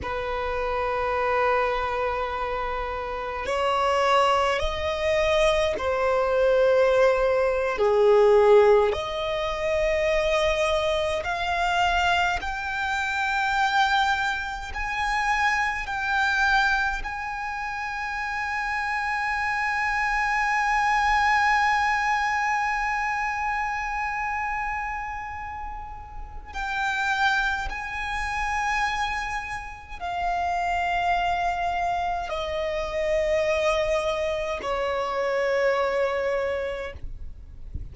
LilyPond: \new Staff \with { instrumentName = "violin" } { \time 4/4 \tempo 4 = 52 b'2. cis''4 | dis''4 c''4.~ c''16 gis'4 dis''16~ | dis''4.~ dis''16 f''4 g''4~ g''16~ | g''8. gis''4 g''4 gis''4~ gis''16~ |
gis''1~ | gis''2. g''4 | gis''2 f''2 | dis''2 cis''2 | }